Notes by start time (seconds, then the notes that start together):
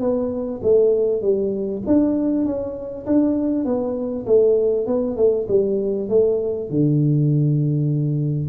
0.00 B3
0.62 A3
1.21 G3
1.86 D4
2.45 C#4
3.06 D4
3.65 B3
4.26 A3
4.86 B3
5.16 A3
5.48 G3
6.09 A3
6.69 D3